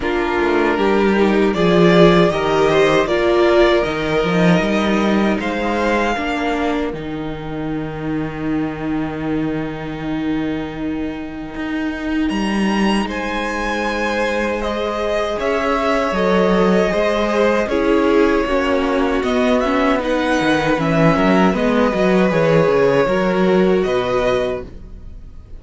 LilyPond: <<
  \new Staff \with { instrumentName = "violin" } { \time 4/4 \tempo 4 = 78 ais'2 d''4 dis''4 | d''4 dis''2 f''4~ | f''4 g''2.~ | g''1 |
ais''4 gis''2 dis''4 | e''4 dis''2 cis''4~ | cis''4 dis''8 e''8 fis''4 e''4 | dis''4 cis''2 dis''4 | }
  \new Staff \with { instrumentName = "violin" } { \time 4/4 f'4 g'4 gis'4 ais'8 c''8 | ais'2. c''4 | ais'1~ | ais'1~ |
ais'4 c''2. | cis''2 c''4 gis'4 | fis'2 b'4. ais'8 | b'2 ais'4 b'4 | }
  \new Staff \with { instrumentName = "viola" } { \time 4/4 d'4. dis'8 f'4 g'4 | f'4 dis'2. | d'4 dis'2.~ | dis'1~ |
dis'2. gis'4~ | gis'4 a'4 gis'4 e'4 | cis'4 b8 cis'8 dis'4 cis'4 | b8 fis'8 gis'4 fis'2 | }
  \new Staff \with { instrumentName = "cello" } { \time 4/4 ais8 a8 g4 f4 dis4 | ais4 dis8 f8 g4 gis4 | ais4 dis2.~ | dis2. dis'4 |
g4 gis2. | cis'4 fis4 gis4 cis'4 | ais4 b4. dis8 e8 fis8 | gis8 fis8 e8 cis8 fis4 b,4 | }
>>